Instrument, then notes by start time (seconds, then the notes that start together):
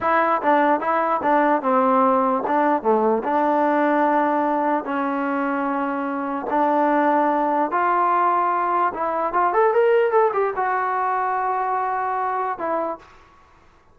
trombone
0.01 E4
0.42 D4
0.80 E4
1.22 D4
1.62 C4
2.47 D4
2.82 A3
3.23 D4
4.84 C#4
6.49 D4
7.71 F4
8.94 E4
9.33 F4
9.53 A4
9.73 A#4
10.11 A4
10.33 G4
10.56 F#4
12.58 E4